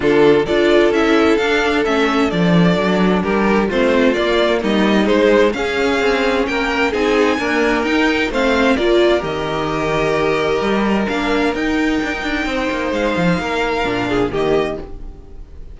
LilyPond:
<<
  \new Staff \with { instrumentName = "violin" } { \time 4/4 \tempo 4 = 130 a'4 d''4 e''4 f''4 | e''4 d''2 ais'4 | c''4 d''4 dis''4 c''4 | f''2 g''4 gis''4~ |
gis''4 g''4 f''4 d''4 | dis''1 | f''4 g''2. | f''2. dis''4 | }
  \new Staff \with { instrumentName = "violin" } { \time 4/4 f'4 a'2.~ | a'2. g'4 | f'2 dis'2 | gis'2 ais'4 gis'4 |
ais'2 c''4 ais'4~ | ais'1~ | ais'2. c''4~ | c''4 ais'4. gis'8 g'4 | }
  \new Staff \with { instrumentName = "viola" } { \time 4/4 d'4 f'4 e'4 d'4 | cis'4 d'2. | c'4 ais2 gis4 | cis'2. dis'4 |
ais4 dis'4 c'4 f'4 | g'1 | d'4 dis'2.~ | dis'2 d'4 ais4 | }
  \new Staff \with { instrumentName = "cello" } { \time 4/4 d4 d'4 cis'4 d'4 | a4 f4 fis4 g4 | a4 ais4 g4 gis4 | cis'4 c'4 ais4 c'4 |
d'4 dis'4 a4 ais4 | dis2. g4 | ais4 dis'4 d'16 dis'16 d'8 c'8 ais8 | gis8 f8 ais4 ais,4 dis4 | }
>>